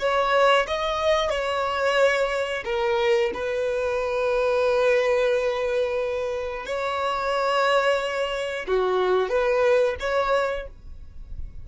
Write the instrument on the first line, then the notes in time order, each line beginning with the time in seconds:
violin
0.00 C#5
0.68 D#5
1.30 C#5
2.65 A#4
3.34 B4
6.66 C#5
8.68 F#4
9.30 B4
10.00 C#5